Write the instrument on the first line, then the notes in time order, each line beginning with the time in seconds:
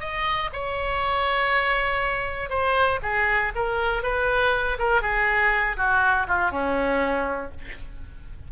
oboe
0.00 D#5
0.53 C#5
2.50 C5
3.02 G#4
3.55 A#4
4.03 B4
4.79 A#4
5.02 G#4
5.77 F#4
6.28 F4
6.51 C#4